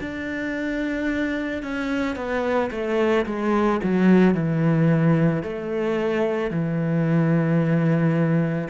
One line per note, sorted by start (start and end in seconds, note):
0.00 1.62 D4
1.62 2.15 C#4
2.15 2.70 B3
2.71 3.25 A3
3.26 3.80 G#3
3.83 4.34 F#3
4.34 5.43 E3
5.43 6.50 A3
6.50 8.68 E3